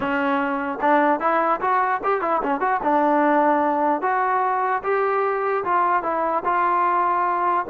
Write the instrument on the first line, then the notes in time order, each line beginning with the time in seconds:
trombone
0.00 C#4
0.81 D4
1.20 E4
1.60 F#4
2.03 G4
2.21 E4
2.43 C#4
2.60 F#4
2.83 D4
4.01 F#4
4.83 G4
5.64 F4
6.03 E4
6.44 F4